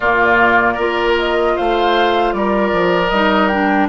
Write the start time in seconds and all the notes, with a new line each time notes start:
0.00 A#2 A#3 F4 D5
0.74 A#3 F4 A#4
1.18 D#5
1.56 A3 C5 F5
2.32 G3 A#4 D5
2.72 F3
3.09 G3 D#4 D#5
3.47 D4 G5